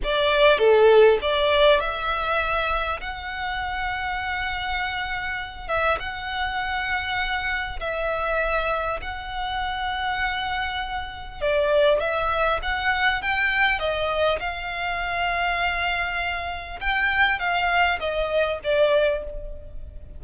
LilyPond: \new Staff \with { instrumentName = "violin" } { \time 4/4 \tempo 4 = 100 d''4 a'4 d''4 e''4~ | e''4 fis''2.~ | fis''4. e''8 fis''2~ | fis''4 e''2 fis''4~ |
fis''2. d''4 | e''4 fis''4 g''4 dis''4 | f''1 | g''4 f''4 dis''4 d''4 | }